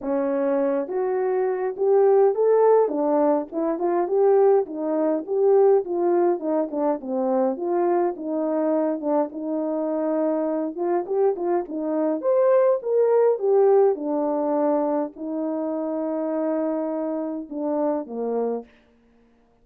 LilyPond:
\new Staff \with { instrumentName = "horn" } { \time 4/4 \tempo 4 = 103 cis'4. fis'4. g'4 | a'4 d'4 e'8 f'8 g'4 | dis'4 g'4 f'4 dis'8 d'8 | c'4 f'4 dis'4. d'8 |
dis'2~ dis'8 f'8 g'8 f'8 | dis'4 c''4 ais'4 g'4 | d'2 dis'2~ | dis'2 d'4 ais4 | }